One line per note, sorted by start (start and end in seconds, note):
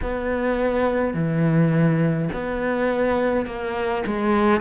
0.02 1.13 B3
1.13 2.29 E3
2.33 3.46 B3
3.46 4.03 A#3
4.06 4.60 G#3